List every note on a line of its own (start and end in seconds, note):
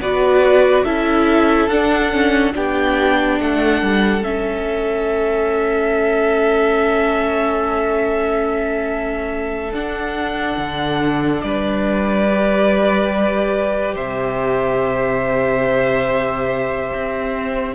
0.00 0.85 B3
0.00 0.86 F#4
0.00 0.85 B4
0.00 0.85 D5
0.85 1.69 C#4
0.85 1.71 E4
0.85 2.54 A4
0.85 1.69 E5
1.69 2.53 D4
1.69 2.13 D4
1.69 2.54 F#5
2.13 2.54 C#4
2.54 3.40 B3
2.54 4.23 D4
2.54 3.41 G4
2.54 3.41 G5
3.40 3.82 A3
3.40 11.45 A4
3.40 4.24 F#5
3.82 4.23 G3
4.23 9.72 A3
4.23 9.72 C#4
4.23 9.73 E5
9.72 10.57 D4
9.72 12.29 D4
9.72 11.42 F#5
10.58 11.43 D3
11.42 13.96 G3
11.42 13.95 B4
11.42 13.95 D5
12.30 17.76 G4
13.95 16.92 C3
13.95 17.75 C5
13.95 17.76 E5
16.94 17.76 C4